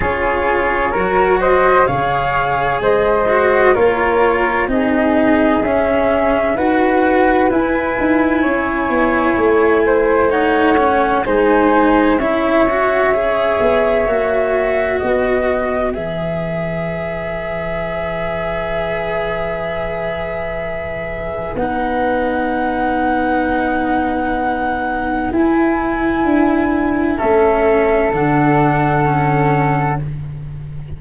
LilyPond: <<
  \new Staff \with { instrumentName = "flute" } { \time 4/4 \tempo 4 = 64 cis''4. dis''8 f''4 dis''4 | cis''4 dis''4 e''4 fis''4 | gis''2. fis''4 | gis''4 e''2. |
dis''4 e''2.~ | e''2. fis''4~ | fis''2. gis''4~ | gis''4 e''4 fis''2 | }
  \new Staff \with { instrumentName = "flute" } { \time 4/4 gis'4 ais'8 c''8 cis''4 c''4 | ais'4 gis'2 b'4~ | b'4 cis''4. c''8 cis''4 | c''4 cis''2. |
b'1~ | b'1~ | b'1~ | b'4 a'2. | }
  \new Staff \with { instrumentName = "cello" } { \time 4/4 f'4 fis'4 gis'4. fis'8 | f'4 dis'4 cis'4 fis'4 | e'2. dis'8 cis'8 | dis'4 e'8 fis'8 gis'4 fis'4~ |
fis'4 gis'2.~ | gis'2. dis'4~ | dis'2. e'4~ | e'4 cis'4 d'4 cis'4 | }
  \new Staff \with { instrumentName = "tuba" } { \time 4/4 cis'4 fis4 cis4 gis4 | ais4 c'4 cis'4 dis'4 | e'8 dis'8 cis'8 b8 a2 | gis4 cis'4. b8 ais4 |
b4 e2.~ | e2. b4~ | b2. e'4 | d'4 a4 d2 | }
>>